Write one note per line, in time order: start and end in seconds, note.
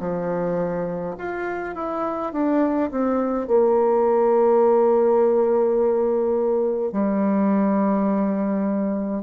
0.00 1.15 F3
1.18 1.75 F4
1.75 2.33 E4
2.33 2.91 D4
2.91 3.48 C4
3.48 6.93 A#3
6.93 9.23 G3